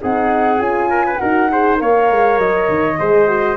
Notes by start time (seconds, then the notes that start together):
0.00 C4 D#4 G#4 F#5
0.58 C#4 F4 G#5
0.90 A#4
1.06 B4
1.17 D#4 F#4 A#4 F#5
1.51 G#4 C5
1.77 A#3 A#4 C#5 F5
2.11 G#3
2.38 F#3 D#5
2.69 D#3
2.99 G#3 G#4 C5
3.28 F#4